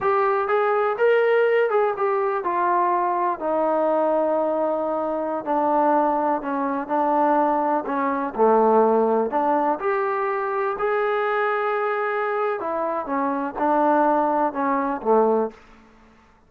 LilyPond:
\new Staff \with { instrumentName = "trombone" } { \time 4/4 \tempo 4 = 124 g'4 gis'4 ais'4. gis'8 | g'4 f'2 dis'4~ | dis'2.~ dis'16 d'8.~ | d'4~ d'16 cis'4 d'4.~ d'16~ |
d'16 cis'4 a2 d'8.~ | d'16 g'2 gis'4.~ gis'16~ | gis'2 e'4 cis'4 | d'2 cis'4 a4 | }